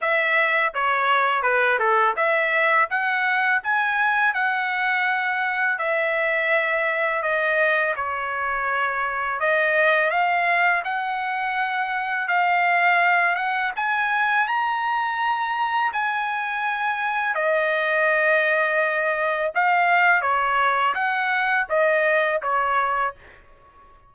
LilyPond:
\new Staff \with { instrumentName = "trumpet" } { \time 4/4 \tempo 4 = 83 e''4 cis''4 b'8 a'8 e''4 | fis''4 gis''4 fis''2 | e''2 dis''4 cis''4~ | cis''4 dis''4 f''4 fis''4~ |
fis''4 f''4. fis''8 gis''4 | ais''2 gis''2 | dis''2. f''4 | cis''4 fis''4 dis''4 cis''4 | }